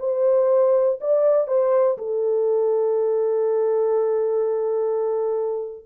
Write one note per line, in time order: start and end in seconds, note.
0.00 1.00 C5
1.01 1.48 D5
1.48 1.98 C5
1.98 5.86 A4